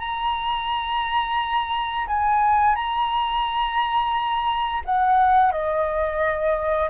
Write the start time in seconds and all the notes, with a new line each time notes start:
0.00 A#5
2.08 G#5
2.76 A#5
4.85 F#5
5.52 D#5